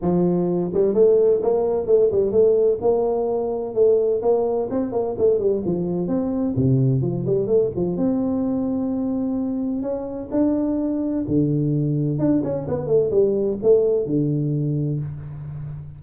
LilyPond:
\new Staff \with { instrumentName = "tuba" } { \time 4/4 \tempo 4 = 128 f4. g8 a4 ais4 | a8 g8 a4 ais2 | a4 ais4 c'8 ais8 a8 g8 | f4 c'4 c4 f8 g8 |
a8 f8 c'2.~ | c'4 cis'4 d'2 | d2 d'8 cis'8 b8 a8 | g4 a4 d2 | }